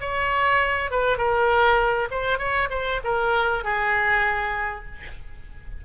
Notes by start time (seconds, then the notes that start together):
0.00 C#5
0.91 B4
1.17 A#4
2.10 C5
2.38 C#5
2.70 C5
3.04 A#4
3.64 G#4